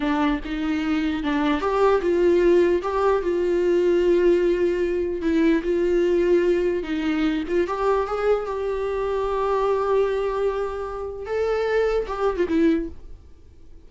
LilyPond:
\new Staff \with { instrumentName = "viola" } { \time 4/4 \tempo 4 = 149 d'4 dis'2 d'4 | g'4 f'2 g'4 | f'1~ | f'4 e'4 f'2~ |
f'4 dis'4. f'8 g'4 | gis'4 g'2.~ | g'1 | a'2 g'8. f'16 e'4 | }